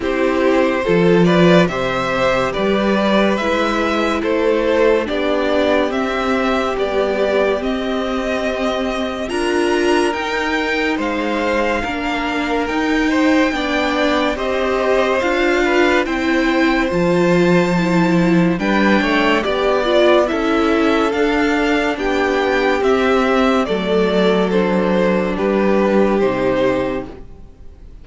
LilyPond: <<
  \new Staff \with { instrumentName = "violin" } { \time 4/4 \tempo 4 = 71 c''4. d''8 e''4 d''4 | e''4 c''4 d''4 e''4 | d''4 dis''2 ais''4 | g''4 f''2 g''4~ |
g''4 dis''4 f''4 g''4 | a''2 g''4 d''4 | e''4 f''4 g''4 e''4 | d''4 c''4 b'4 c''4 | }
  \new Staff \with { instrumentName = "violin" } { \time 4/4 g'4 a'8 b'8 c''4 b'4~ | b'4 a'4 g'2~ | g'2. ais'4~ | ais'4 c''4 ais'4. c''8 |
d''4 c''4. b'8 c''4~ | c''2 b'8 cis''8 d''4 | a'2 g'2 | a'2 g'2 | }
  \new Staff \with { instrumentName = "viola" } { \time 4/4 e'4 f'4 g'2 | e'2 d'4 c'4 | g4 c'2 f'4 | dis'2 d'4 dis'4 |
d'4 g'4 f'4 e'4 | f'4 e'4 d'4 g'8 f'8 | e'4 d'2 c'4 | a4 d'2 dis'4 | }
  \new Staff \with { instrumentName = "cello" } { \time 4/4 c'4 f4 c4 g4 | gis4 a4 b4 c'4 | b4 c'2 d'4 | dis'4 gis4 ais4 dis'4 |
b4 c'4 d'4 c'4 | f2 g8 a8 b4 | cis'4 d'4 b4 c'4 | fis2 g4 c4 | }
>>